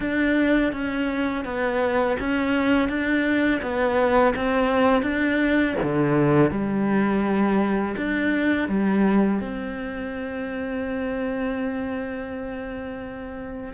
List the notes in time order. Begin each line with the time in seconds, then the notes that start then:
0.00 D4
0.72 C#4
1.44 B3
2.19 C#4
2.88 D4
3.61 B3
4.35 C4
5.02 D4
5.83 D3
6.51 G3
7.96 D4
8.68 G3
9.40 C4